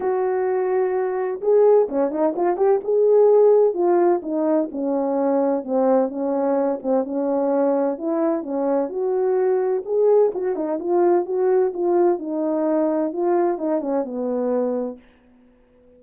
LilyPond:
\new Staff \with { instrumentName = "horn" } { \time 4/4 \tempo 4 = 128 fis'2. gis'4 | cis'8 dis'8 f'8 g'8 gis'2 | f'4 dis'4 cis'2 | c'4 cis'4. c'8 cis'4~ |
cis'4 e'4 cis'4 fis'4~ | fis'4 gis'4 fis'8 dis'8 f'4 | fis'4 f'4 dis'2 | f'4 dis'8 cis'8 b2 | }